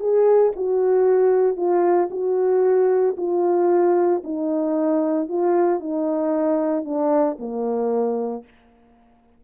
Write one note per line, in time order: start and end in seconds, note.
0.00 0.53 G#4
0.56 1.57 F#4
1.57 2.09 F4
2.11 3.16 F#4
3.17 4.23 F4
4.24 5.29 D#4
5.29 5.80 F4
5.80 6.85 D#4
6.85 7.37 D4
7.39 8.44 A#3